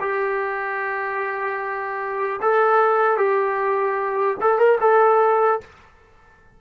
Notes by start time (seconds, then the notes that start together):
0.00 G4
2.42 A4
3.17 G4
4.41 A4
4.58 A#4
4.80 A4